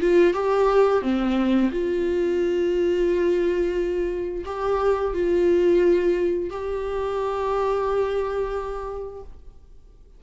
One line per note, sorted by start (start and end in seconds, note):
0.00 0.33 F4
0.33 1.02 G4
1.02 1.70 C4
1.71 4.44 F4
4.45 5.13 G4
5.13 6.50 F4
6.50 9.23 G4